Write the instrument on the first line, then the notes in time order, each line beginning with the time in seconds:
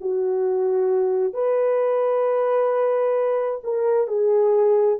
horn
0.00 F#4
1.33 B4
3.63 A#4
4.07 G#4